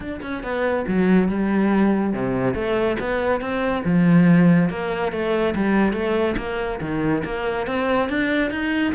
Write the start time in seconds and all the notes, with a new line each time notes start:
0.00 D4
0.21 C#4
0.43 B3
0.87 F#3
1.28 G3
2.13 C3
2.54 A3
2.99 B3
3.40 C4
3.84 F3
4.69 A#3
5.11 A3
5.55 G3
5.92 A3
6.37 A#3
6.80 D#3
7.24 A#3
7.66 C4
8.09 D4
8.50 D#4